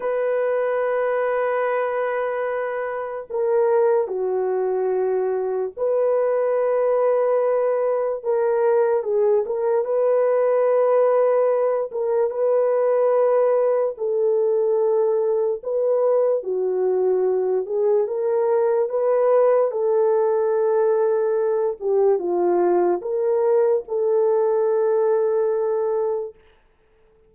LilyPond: \new Staff \with { instrumentName = "horn" } { \time 4/4 \tempo 4 = 73 b'1 | ais'4 fis'2 b'4~ | b'2 ais'4 gis'8 ais'8 | b'2~ b'8 ais'8 b'4~ |
b'4 a'2 b'4 | fis'4. gis'8 ais'4 b'4 | a'2~ a'8 g'8 f'4 | ais'4 a'2. | }